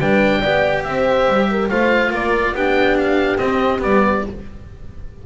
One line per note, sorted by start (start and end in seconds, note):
0.00 0.43 G3
0.00 0.43 D4
0.00 0.40 B4
0.00 0.84 G5
0.40 0.85 B3
0.40 1.71 G4
0.40 0.82 D5
0.84 1.28 C4
0.84 1.50 C5
0.84 1.69 E5
1.28 1.70 G3
1.51 1.71 A#4
1.70 2.11 A3
1.70 2.56 F4
1.70 2.12 C5
1.70 2.12 F5
2.11 2.53 A#3
2.11 2.54 A#4
2.11 2.56 D5
2.53 3.38 B3
2.53 3.38 D4
2.53 4.24 G4
2.53 2.98 G5
2.98 3.38 F5
3.38 3.79 C4
3.38 3.83 C4
3.38 3.81 D#5
3.79 4.26 G3
3.79 4.22 B3
3.79 4.25 D5